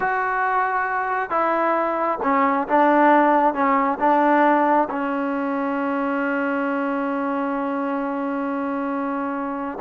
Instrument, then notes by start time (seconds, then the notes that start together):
trombone
0.00 F#4
1.30 E4
2.23 C#4
2.68 D4
3.54 C#4
3.99 D4
4.89 C#4